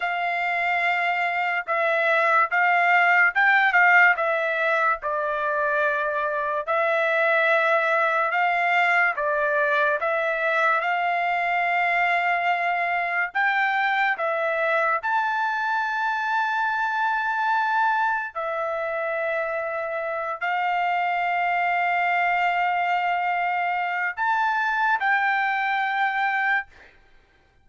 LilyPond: \new Staff \with { instrumentName = "trumpet" } { \time 4/4 \tempo 4 = 72 f''2 e''4 f''4 | g''8 f''8 e''4 d''2 | e''2 f''4 d''4 | e''4 f''2. |
g''4 e''4 a''2~ | a''2 e''2~ | e''8 f''2.~ f''8~ | f''4 a''4 g''2 | }